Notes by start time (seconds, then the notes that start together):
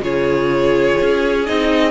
0.00 C#3 F4 G#4 C#5
1.01 C#4
1.46 C4 D#4 D#5